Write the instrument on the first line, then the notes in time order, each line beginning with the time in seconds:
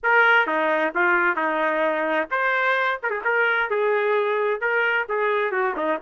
trumpet
0.03 A#4
0.46 D#4
0.94 F4
1.36 D#4
2.31 C5
3.03 A#4
3.10 G#4
3.24 A#4
3.70 G#4
4.60 A#4
5.08 G#4
5.51 F#4
5.76 D#4